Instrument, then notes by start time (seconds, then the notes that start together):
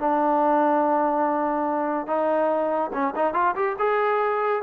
trombone
0.00 D4
2.07 D#4
2.94 C#4
3.16 D#4
3.34 F4
3.56 G4
3.79 G#4